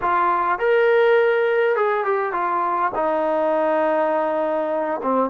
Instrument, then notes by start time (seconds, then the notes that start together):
trombone
0.01 F4
0.58 A#4
1.76 G#4
2.04 G4
2.32 F4
2.94 D#4
5.02 C4